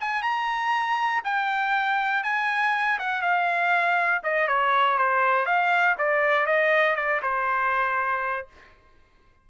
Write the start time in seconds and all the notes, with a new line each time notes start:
0.00 G#5
0.22 A#5
1.24 G5
2.23 G#5
2.99 F#5
3.22 F5
4.23 D#5
4.48 C#5
4.97 C5
5.45 F5
5.98 D5
6.46 D#5
6.96 D5
7.22 C5